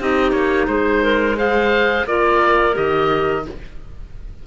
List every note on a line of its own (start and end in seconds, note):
0.00 0.33 C4
0.00 1.37 D#4
0.00 0.69 G4
0.00 0.32 D#5
0.32 0.67 A#3
0.32 0.66 C#5
0.67 2.06 G#3
0.67 1.03 G#4
0.67 1.36 C5
1.03 1.37 A#4
1.37 2.06 G#4
1.37 2.06 C5
1.37 2.07 F5
2.06 2.75 A#3
2.06 2.73 F4
2.06 3.45 A#4
2.06 2.76 D5
2.73 3.47 D#3
2.73 3.42 G4
2.73 3.45 D#5